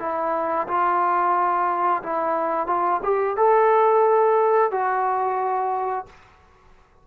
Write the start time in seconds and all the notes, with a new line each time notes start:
0.00 E4
0.68 F4
2.03 E4
2.67 F4
3.04 G4
3.37 A4
4.71 F#4